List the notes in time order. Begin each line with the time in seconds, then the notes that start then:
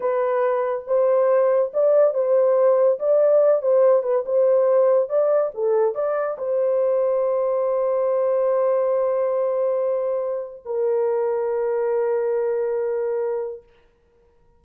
0.00 B4
0.87 C5
1.73 D5
2.14 C5
2.99 D5
3.62 C5
4.03 B4
4.25 C5
5.09 D5
5.54 A4
5.94 D5
6.38 C5
10.65 A#4